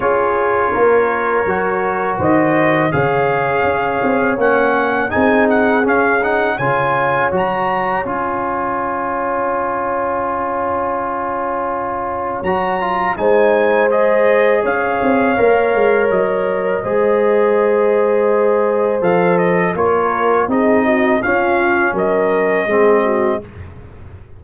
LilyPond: <<
  \new Staff \with { instrumentName = "trumpet" } { \time 4/4 \tempo 4 = 82 cis''2. dis''4 | f''2 fis''4 gis''8 fis''8 | f''8 fis''8 gis''4 ais''4 gis''4~ | gis''1~ |
gis''4 ais''4 gis''4 dis''4 | f''2 dis''2~ | dis''2 f''8 dis''8 cis''4 | dis''4 f''4 dis''2 | }
  \new Staff \with { instrumentName = "horn" } { \time 4/4 gis'4 ais'2 c''4 | cis''2. gis'4~ | gis'4 cis''2.~ | cis''1~ |
cis''2 c''2 | cis''2. c''4~ | c''2. ais'4 | gis'8 fis'8 f'4 ais'4 gis'8 fis'8 | }
  \new Staff \with { instrumentName = "trombone" } { \time 4/4 f'2 fis'2 | gis'2 cis'4 dis'4 | cis'8 dis'8 f'4 fis'4 f'4~ | f'1~ |
f'4 fis'8 f'8 dis'4 gis'4~ | gis'4 ais'2 gis'4~ | gis'2 a'4 f'4 | dis'4 cis'2 c'4 | }
  \new Staff \with { instrumentName = "tuba" } { \time 4/4 cis'4 ais4 fis4 dis4 | cis4 cis'8 c'8 ais4 c'4 | cis'4 cis4 fis4 cis'4~ | cis'1~ |
cis'4 fis4 gis2 | cis'8 c'8 ais8 gis8 fis4 gis4~ | gis2 f4 ais4 | c'4 cis'4 fis4 gis4 | }
>>